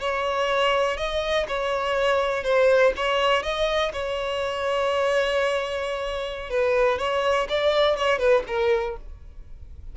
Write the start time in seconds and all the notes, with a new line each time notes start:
0.00 C#5
0.97 D#5
1.48 C#5
2.43 C5
2.96 C#5
3.43 D#5
3.93 C#5
6.50 B4
6.99 C#5
7.49 D5
7.96 C#5
8.19 B4
8.47 A#4